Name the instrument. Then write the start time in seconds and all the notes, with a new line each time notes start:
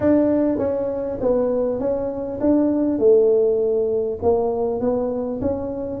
tuba
0.00 D4
0.58 C#4
1.20 B3
1.79 C#4
2.40 D4
2.98 A3
4.22 A#3
4.80 B3
5.41 C#4